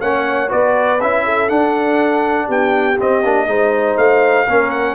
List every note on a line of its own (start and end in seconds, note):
0.00 0.50 A#3
0.00 0.48 C#4
0.00 0.49 C#5
0.00 0.50 F#5
0.48 1.01 B3
0.48 0.98 F#4
0.48 1.23 B4
0.48 1.00 D5
1.00 1.50 C#4
1.00 1.48 E4
1.00 1.48 E5
1.24 2.47 A4
1.48 2.97 D4
1.48 2.48 D4
1.48 2.48 F#5
2.47 2.98 B3
2.47 3.46 G4
2.47 3.00 G5
2.98 3.23 C4
2.98 3.97 D#5
3.23 3.46 A#3
3.23 3.47 D4
3.46 3.96 G#3
3.46 4.46 D#4
3.46 4.46 C5
3.97 4.46 A3
3.97 4.70 F5
4.46 4.95 A#3
4.46 4.95 C#4
4.46 4.95 A#4
4.70 4.95 F#5